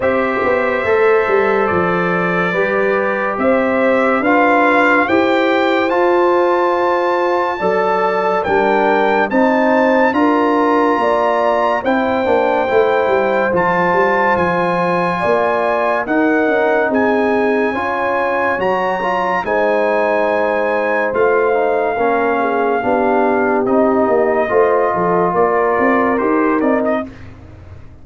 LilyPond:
<<
  \new Staff \with { instrumentName = "trumpet" } { \time 4/4 \tempo 4 = 71 e''2 d''2 | e''4 f''4 g''4 a''4~ | a''2 g''4 a''4 | ais''2 g''2 |
a''4 gis''2 fis''4 | gis''2 ais''4 gis''4~ | gis''4 f''2. | dis''2 d''4 c''8 d''16 dis''16 | }
  \new Staff \with { instrumentName = "horn" } { \time 4/4 c''2. b'4 | c''4 b'4 c''2~ | c''4 d''4 ais'4 c''4 | ais'4 d''4 c''2~ |
c''2 d''4 ais'4 | gis'4 cis''2 c''4~ | c''2 ais'8 gis'8 g'4~ | g'4 c''8 a'8 ais'2 | }
  \new Staff \with { instrumentName = "trombone" } { \time 4/4 g'4 a'2 g'4~ | g'4 f'4 g'4 f'4~ | f'4 a'4 d'4 dis'4 | f'2 e'8 d'8 e'4 |
f'2. dis'4~ | dis'4 f'4 fis'8 f'8 dis'4~ | dis'4 f'8 dis'8 cis'4 d'4 | dis'4 f'2 g'8 dis'8 | }
  \new Staff \with { instrumentName = "tuba" } { \time 4/4 c'8 b8 a8 g8 f4 g4 | c'4 d'4 e'4 f'4~ | f'4 fis4 g4 c'4 | d'4 ais4 c'8 ais8 a8 g8 |
f8 g8 f4 ais4 dis'8 cis'8 | c'4 cis'4 fis4 gis4~ | gis4 a4 ais4 b4 | c'8 ais8 a8 f8 ais8 c'8 dis'8 c'8 | }
>>